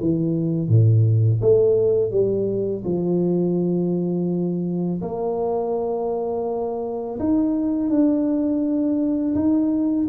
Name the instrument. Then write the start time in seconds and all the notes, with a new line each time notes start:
tuba
0.00 E3
0.68 A2
1.41 A3
2.10 G3
2.84 F3
5.01 A#3
7.19 D#4
7.89 D4
9.34 D#4